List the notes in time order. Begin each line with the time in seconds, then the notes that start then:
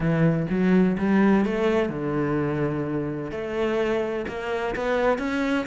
0.00 E3
0.50 F#3
0.97 G3
1.45 A3
1.89 D3
3.31 A3
4.28 A#3
4.75 B3
5.18 C#4